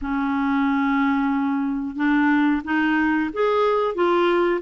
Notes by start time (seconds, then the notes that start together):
0.01 C#4
1.96 D4
2.64 D#4
3.33 G#4
3.94 F4